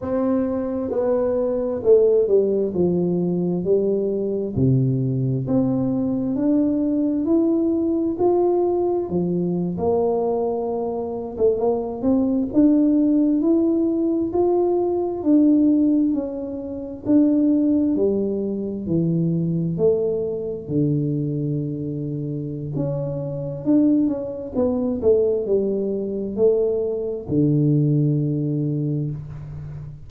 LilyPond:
\new Staff \with { instrumentName = "tuba" } { \time 4/4 \tempo 4 = 66 c'4 b4 a8 g8 f4 | g4 c4 c'4 d'4 | e'4 f'4 f8. ais4~ ais16~ | ais8 a16 ais8 c'8 d'4 e'4 f'16~ |
f'8. d'4 cis'4 d'4 g16~ | g8. e4 a4 d4~ d16~ | d4 cis'4 d'8 cis'8 b8 a8 | g4 a4 d2 | }